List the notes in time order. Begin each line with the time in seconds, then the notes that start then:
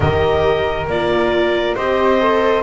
0.00 D#3 G4 A#4 D#5
0.87 A#3 F4 D5
1.75 C4 G4 C5 D#5
2.21 A4